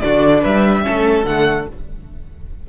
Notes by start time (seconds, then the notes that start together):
0.00 D3 D4 F#4 D5
0.41 G3 B4 E5
0.83 A3 C#4 A4
1.24 D3 A3 F#5